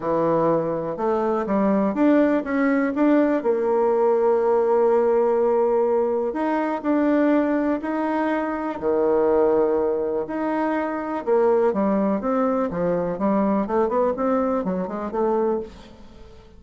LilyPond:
\new Staff \with { instrumentName = "bassoon" } { \time 4/4 \tempo 4 = 123 e2 a4 g4 | d'4 cis'4 d'4 ais4~ | ais1~ | ais4 dis'4 d'2 |
dis'2 dis2~ | dis4 dis'2 ais4 | g4 c'4 f4 g4 | a8 b8 c'4 fis8 gis8 a4 | }